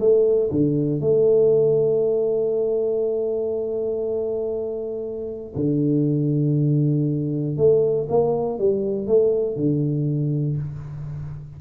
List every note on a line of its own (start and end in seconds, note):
0.00 0.50 A3
0.51 1.00 D3
1.00 5.54 A3
5.55 7.57 D3
7.57 8.07 A3
8.09 8.59 A#3
8.59 9.07 G3
9.07 9.56 A3
9.56 10.57 D3